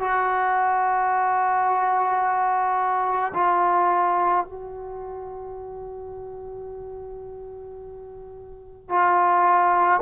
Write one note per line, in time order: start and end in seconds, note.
0.00 3.33 F#4
3.34 4.45 F4
4.45 8.89 F#4
8.89 10.01 F4